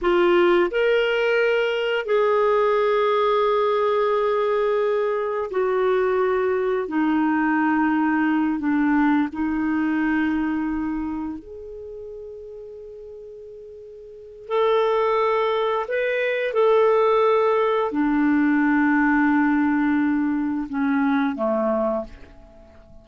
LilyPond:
\new Staff \with { instrumentName = "clarinet" } { \time 4/4 \tempo 4 = 87 f'4 ais'2 gis'4~ | gis'1 | fis'2 dis'2~ | dis'8 d'4 dis'2~ dis'8~ |
dis'8 gis'2.~ gis'8~ | gis'4 a'2 b'4 | a'2 d'2~ | d'2 cis'4 a4 | }